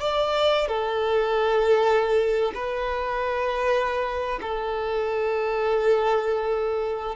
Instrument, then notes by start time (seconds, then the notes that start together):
violin
0.00 D5
0.68 A4
2.55 B4
4.41 A4